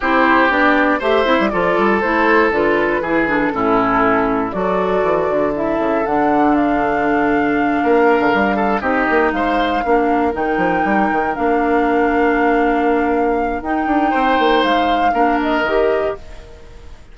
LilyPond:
<<
  \new Staff \with { instrumentName = "flute" } { \time 4/4 \tempo 4 = 119 c''4 d''4 e''4 d''4 | c''4 b'4. a'4.~ | a'4 d''2 e''4 | fis''4 f''2.~ |
f''4. dis''4 f''4.~ | f''8 g''2 f''4.~ | f''2. g''4~ | g''4 f''4. dis''4. | }
  \new Staff \with { instrumentName = "oboe" } { \time 4/4 g'2 c''4 a'4~ | a'2 gis'4 e'4~ | e'4 a'2.~ | a'2.~ a'8 ais'8~ |
ais'4 a'8 g'4 c''4 ais'8~ | ais'1~ | ais'1 | c''2 ais'2 | }
  \new Staff \with { instrumentName = "clarinet" } { \time 4/4 e'4 d'4 g'8 e'8 f'4 | e'4 f'4 e'8 d'8 cis'4~ | cis'4 fis'2 e'4 | d'1~ |
d'4. dis'2 d'8~ | d'8 dis'2 d'4.~ | d'2. dis'4~ | dis'2 d'4 g'4 | }
  \new Staff \with { instrumentName = "bassoon" } { \time 4/4 c'4 b4 a8 c'16 g16 f8 g8 | a4 d4 e4 a,4~ | a,4 fis4 e8 d4 cis8 | d2.~ d8 ais8~ |
ais16 d16 g4 c'8 ais8 gis4 ais8~ | ais8 dis8 f8 g8 dis8 ais4.~ | ais2. dis'8 d'8 | c'8 ais8 gis4 ais4 dis4 | }
>>